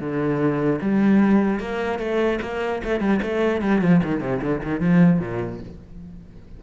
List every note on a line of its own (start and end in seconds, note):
0.00 0.80 D3
0.81 1.60 G3
1.60 1.99 A#3
1.99 2.39 A3
2.42 2.82 A#3
2.84 3.00 A3
3.00 3.20 G3
3.22 3.61 A3
3.61 3.81 G3
3.81 4.01 F3
4.04 4.21 D#3
4.21 4.41 C3
4.41 4.61 D3
4.63 4.80 D#3
4.80 5.20 F3
5.20 5.60 A#2